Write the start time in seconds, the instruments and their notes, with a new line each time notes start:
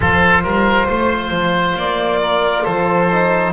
0.00 double bass F3, trombone F4, oboe A4, violin C5
0.43 double bass G3, oboe A#4
0.88 double bass A3, oboe C5
1.30 double bass F3
1.75 double bass A#3, violin D5
2.21 oboe A#4
2.63 double bass F3, oboe A4, violin C5
3.11 trombone D#4